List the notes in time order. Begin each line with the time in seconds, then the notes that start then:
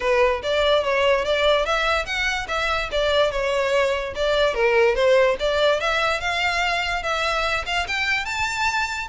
0.00 B4
0.42 D5
0.84 C#5
1.24 D5
1.65 E5
2.05 F#5
2.48 E5
2.91 D5
3.31 C#5
4.15 D5
4.54 A#4
4.95 C5
5.39 D5
5.80 E5
6.20 F5
7.03 E5
7.66 F5
7.87 G5
8.25 A5